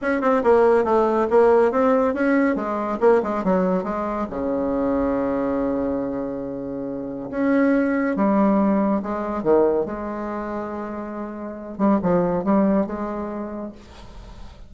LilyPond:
\new Staff \with { instrumentName = "bassoon" } { \time 4/4 \tempo 4 = 140 cis'8 c'8 ais4 a4 ais4 | c'4 cis'4 gis4 ais8 gis8 | fis4 gis4 cis2~ | cis1~ |
cis4 cis'2 g4~ | g4 gis4 dis4 gis4~ | gis2.~ gis8 g8 | f4 g4 gis2 | }